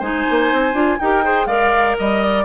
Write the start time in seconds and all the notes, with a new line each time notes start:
0.00 G#3 D#4 C5 G#5
0.31 A#3
0.53 C4
0.74 D4 F4
1.00 D#4 G4 A#4 G5
1.24 G#4 C5
1.47 G#3 A#4 D5 F5
1.99 G3 D#5
2.24 D5